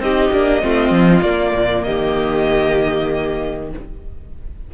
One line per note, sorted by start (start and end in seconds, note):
0.00 0.31 C4
0.00 0.33 D#4
0.00 0.64 G4
0.00 1.23 D#5
0.33 0.64 A#3
0.33 0.62 D4
0.62 0.91 A3
0.62 1.24 C4
0.62 1.85 F4
0.91 1.22 F3
1.23 1.53 A#3
1.23 3.72 A#3
1.23 1.84 D5
1.55 1.86 A#2
1.84 3.74 D#3
1.84 3.71 G4
1.84 3.70 D#5